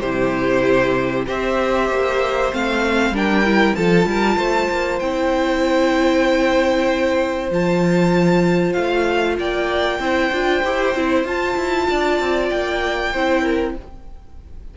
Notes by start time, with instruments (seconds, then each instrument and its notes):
0.00 cello C3, viola E4, violin G4 C5
1.27 cello C4, viola G4, violin C5 E5
1.90 cello A#3
2.52 cello A3, viola C4, violin F5
3.11 cello G3, viola D4, violin A#4 G5
3.45 viola E4
3.76 cello F3, viola F4, violin A4 A5
4.06 cello G3, violin A#4
4.37 cello A3, violin C5
4.70 cello A#3
4.99 cello C4, viola E4, violin G5
7.51 cello F3, viola F4, violin A5
8.73 cello A3, violin F5
9.39 cello A#3, violin D5 G5
9.99 cello C4, viola E4, violin C5
10.32 cello D4, viola F4
10.64 cello E4, viola G4
10.95 cello C4, viola E4
11.24 cello F4, viola F4, violin A5
11.57 cello E4
11.89 cello D4, violin D5
12.20 cello C4
12.50 cello A#3, violin G5
13.13 cello C4, viola E4, violin C5
13.43 violin A#4